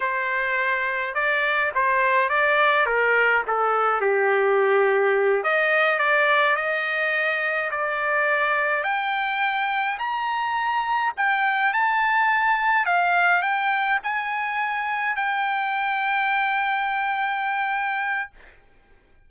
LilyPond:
\new Staff \with { instrumentName = "trumpet" } { \time 4/4 \tempo 4 = 105 c''2 d''4 c''4 | d''4 ais'4 a'4 g'4~ | g'4. dis''4 d''4 dis''8~ | dis''4. d''2 g''8~ |
g''4. ais''2 g''8~ | g''8 a''2 f''4 g''8~ | g''8 gis''2 g''4.~ | g''1 | }